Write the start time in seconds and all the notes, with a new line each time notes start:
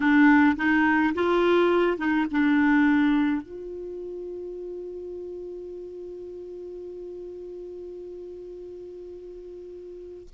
0.00 D4
0.56 D#4
1.14 F4
1.97 D#4
2.31 D4
3.42 F4